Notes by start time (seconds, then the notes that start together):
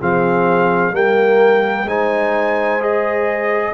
0.00 F3 C4 G#4 F5
0.93 G3 A#3 A#4 G5
1.84 G#3 D#4 C5 G#5
2.80 G#4 D#5